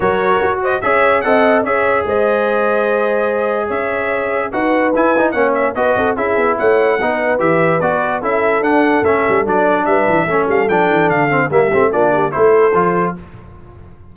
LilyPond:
<<
  \new Staff \with { instrumentName = "trumpet" } { \time 4/4 \tempo 4 = 146 cis''4. dis''8 e''4 fis''4 | e''4 dis''2.~ | dis''4 e''2 fis''4 | gis''4 fis''8 e''8 dis''4 e''4 |
fis''2 e''4 d''4 | e''4 fis''4 e''4 d''4 | e''4. f''8 g''4 f''4 | e''4 d''4 c''2 | }
  \new Staff \with { instrumentName = "horn" } { \time 4/4 ais'4. c''8 cis''4 dis''4 | cis''4 c''2.~ | c''4 cis''2 b'4~ | b'4 cis''4 b'8 a'8 gis'4 |
cis''4 b'2. | a'1 | b'4 a'2. | g'4 f'8 g'8 a'2 | }
  \new Staff \with { instrumentName = "trombone" } { \time 4/4 fis'2 gis'4 a'4 | gis'1~ | gis'2. fis'4 | e'8 dis'8 cis'4 fis'4 e'4~ |
e'4 dis'4 g'4 fis'4 | e'4 d'4 cis'4 d'4~ | d'4 cis'4 d'4. c'8 | ais8 c'8 d'4 e'4 f'4 | }
  \new Staff \with { instrumentName = "tuba" } { \time 4/4 fis4 fis'4 cis'4 c'4 | cis'4 gis2.~ | gis4 cis'2 dis'4 | e'4 ais4 b8 c'8 cis'8 b8 |
a4 b4 e4 b4 | cis'4 d'4 a8 g8 fis4 | g8 e8 a8 g8 f8 e8 d4 | g8 a8 ais4 a4 f4 | }
>>